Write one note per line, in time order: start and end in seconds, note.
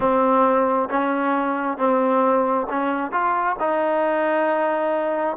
0.00 0.89 C4
0.89 1.77 C#4
1.77 2.67 C4
2.69 3.11 C#4
3.11 3.56 F4
3.59 5.36 D#4